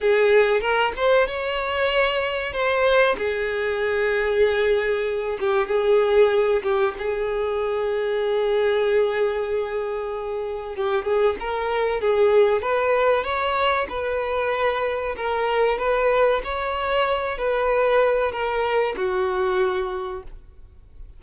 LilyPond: \new Staff \with { instrumentName = "violin" } { \time 4/4 \tempo 4 = 95 gis'4 ais'8 c''8 cis''2 | c''4 gis'2.~ | gis'8 g'8 gis'4. g'8 gis'4~ | gis'1~ |
gis'4 g'8 gis'8 ais'4 gis'4 | b'4 cis''4 b'2 | ais'4 b'4 cis''4. b'8~ | b'4 ais'4 fis'2 | }